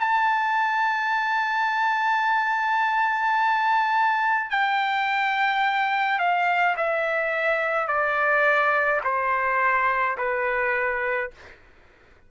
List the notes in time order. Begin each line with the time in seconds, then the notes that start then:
0.00 A5
4.50 G5
6.19 F5
6.77 E5
7.87 D5
9.04 C5
10.18 B4